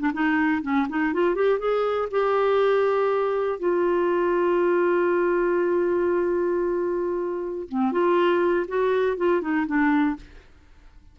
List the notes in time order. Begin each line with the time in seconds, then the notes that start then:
0.00 D4
0.14 D#4
0.62 C#4
0.89 D#4
1.14 F4
1.35 G4
1.59 G#4
2.11 G4
3.59 F4
7.69 C4
7.92 F4
8.68 F#4
9.17 F4
9.42 D#4
9.67 D4